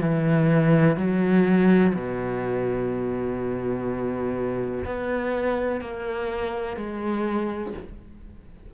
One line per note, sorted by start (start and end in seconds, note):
0.00 0.97 E3
0.97 1.94 F#3
1.94 4.84 B2
4.85 5.81 B3
5.81 6.77 A#3
6.77 7.73 G#3